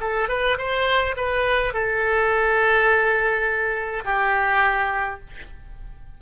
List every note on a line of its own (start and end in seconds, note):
0.00 0.28 A4
0.28 0.57 B4
0.57 1.15 C5
1.16 1.73 B4
1.73 4.04 A4
4.04 5.20 G4